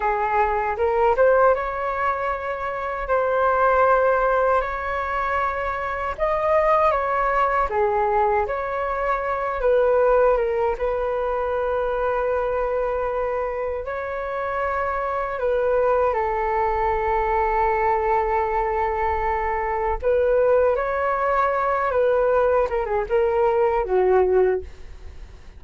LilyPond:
\new Staff \with { instrumentName = "flute" } { \time 4/4 \tempo 4 = 78 gis'4 ais'8 c''8 cis''2 | c''2 cis''2 | dis''4 cis''4 gis'4 cis''4~ | cis''8 b'4 ais'8 b'2~ |
b'2 cis''2 | b'4 a'2.~ | a'2 b'4 cis''4~ | cis''8 b'4 ais'16 gis'16 ais'4 fis'4 | }